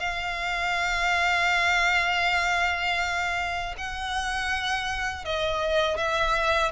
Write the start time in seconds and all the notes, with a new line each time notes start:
0.00 F5
3.78 F#5
5.25 D#5
5.98 E5